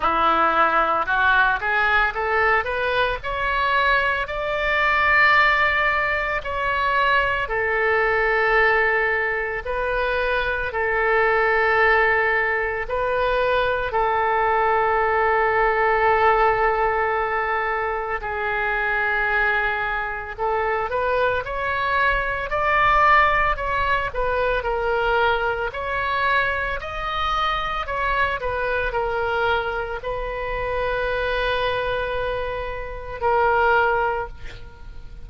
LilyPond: \new Staff \with { instrumentName = "oboe" } { \time 4/4 \tempo 4 = 56 e'4 fis'8 gis'8 a'8 b'8 cis''4 | d''2 cis''4 a'4~ | a'4 b'4 a'2 | b'4 a'2.~ |
a'4 gis'2 a'8 b'8 | cis''4 d''4 cis''8 b'8 ais'4 | cis''4 dis''4 cis''8 b'8 ais'4 | b'2. ais'4 | }